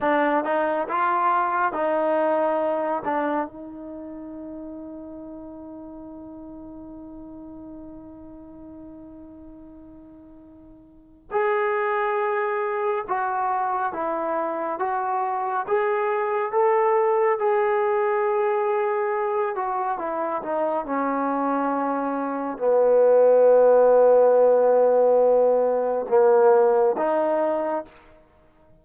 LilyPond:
\new Staff \with { instrumentName = "trombone" } { \time 4/4 \tempo 4 = 69 d'8 dis'8 f'4 dis'4. d'8 | dis'1~ | dis'1~ | dis'4 gis'2 fis'4 |
e'4 fis'4 gis'4 a'4 | gis'2~ gis'8 fis'8 e'8 dis'8 | cis'2 b2~ | b2 ais4 dis'4 | }